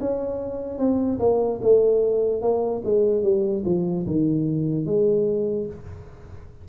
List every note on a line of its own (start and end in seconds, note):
0.00 0.78 C#4
0.78 1.19 C4
1.19 1.60 A#3
1.61 2.41 A3
2.41 2.82 A#3
2.84 3.23 G#3
3.23 3.63 G3
3.65 4.06 F3
4.06 4.85 D#3
4.85 5.66 G#3